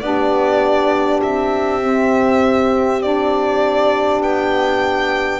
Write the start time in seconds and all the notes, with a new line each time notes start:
0.00 B3 D4 G4 D5
1.22 C4 E5
1.80 C4
3.01 D4 D5
4.21 B3 G5